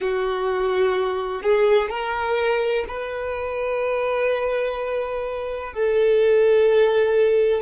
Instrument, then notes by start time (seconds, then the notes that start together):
violin
0.00 F#4
1.42 G#4
1.89 A#4
2.87 B4
5.73 A4